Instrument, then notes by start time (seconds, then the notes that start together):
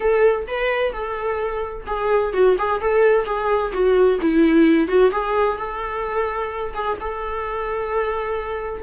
viola
0.00 A4
0.47 B4
0.92 A4
1.86 G#4
2.33 F#4
2.58 G#4
2.81 A4
3.25 G#4
3.73 F#4
4.21 E4
4.87 F#4
5.11 G#4
5.57 A4
6.74 G#4
7.00 A4